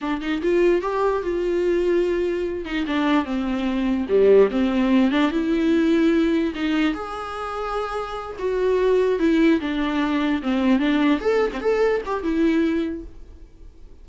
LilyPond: \new Staff \with { instrumentName = "viola" } { \time 4/4 \tempo 4 = 147 d'8 dis'8 f'4 g'4 f'4~ | f'2~ f'8 dis'8 d'4 | c'2 g4 c'4~ | c'8 d'8 e'2. |
dis'4 gis'2.~ | gis'8 fis'2 e'4 d'8~ | d'4. c'4 d'4 a'8~ | a'16 c'16 a'4 g'8 e'2 | }